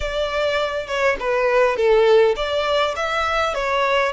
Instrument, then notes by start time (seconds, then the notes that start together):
violin
0.00 D5
0.87 C#5
1.19 B4
1.76 A4
2.36 D5
2.96 E5
3.54 C#5